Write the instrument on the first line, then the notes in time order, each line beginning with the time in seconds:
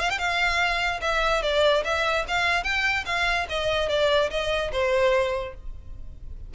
violin
0.00 F5
0.10 G5
0.18 F5
1.01 E5
1.43 D5
1.84 E5
2.28 F5
2.64 G5
3.06 F5
3.49 D#5
3.89 D5
4.30 D#5
4.72 C5